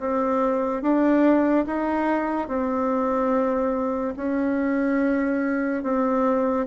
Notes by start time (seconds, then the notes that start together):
0.00 C4
0.82 D4
1.67 D#4
2.48 C4
4.17 C#4
5.83 C4